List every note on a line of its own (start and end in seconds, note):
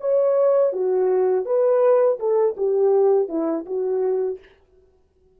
0.00 0.73 C#5
0.73 1.45 F#4
1.45 2.19 B4
2.19 2.56 A4
2.57 3.29 G4
3.29 3.65 E4
3.66 4.39 F#4